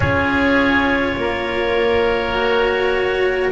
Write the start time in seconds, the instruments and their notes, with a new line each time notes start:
0.00 double bass C#4, cello F4, oboe G#4, clarinet C#5
1.16 double bass A#3, oboe A#4
2.34 cello F#4